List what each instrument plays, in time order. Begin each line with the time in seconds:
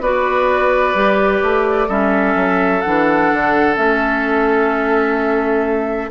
0.00 bassoon B3, clarinet F#4, oboe B4, flute D5
0.94 bassoon G3, clarinet G4
1.42 bassoon A3
1.88 bassoon G3, clarinet C#4, oboe A4, flute E5
2.35 bassoon F#3
2.81 bassoon E3, clarinet D4, flute F#5
3.33 bassoon D3
3.75 bassoon A3, clarinet C#4, flute E5